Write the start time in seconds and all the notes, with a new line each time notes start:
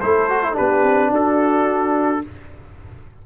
0.00 A3 E4 A4 C5
0.30 F#4
0.43 E4
0.53 D4 G4 B4
0.60 B3
0.83 C4
1.11 D4 F#4 A4